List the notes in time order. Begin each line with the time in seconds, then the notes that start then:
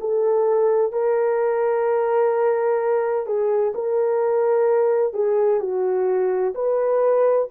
0.00 A4
0.92 A#4
3.26 G#4
3.75 A#4
5.13 G#4
5.60 F#4
6.55 B4